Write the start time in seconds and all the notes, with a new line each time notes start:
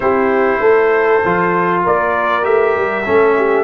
0.00 C4 E4 G4 C5
0.59 A3 A4
1.24 F3 F4
1.83 A#3 A#4 D5
2.42 A3 G4 E5
2.76 G3
3.04 A3 C#4 A4
3.37 G4